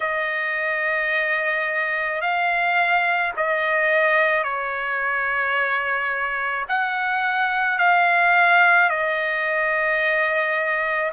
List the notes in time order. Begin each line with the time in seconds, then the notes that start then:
0.00 D#5
2.21 F5
3.36 D#5
4.43 C#5
6.68 F#5
7.78 F5
8.89 D#5